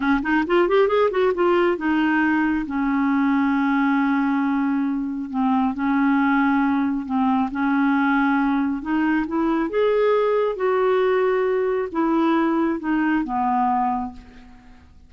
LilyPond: \new Staff \with { instrumentName = "clarinet" } { \time 4/4 \tempo 4 = 136 cis'8 dis'8 f'8 g'8 gis'8 fis'8 f'4 | dis'2 cis'2~ | cis'1 | c'4 cis'2. |
c'4 cis'2. | dis'4 e'4 gis'2 | fis'2. e'4~ | e'4 dis'4 b2 | }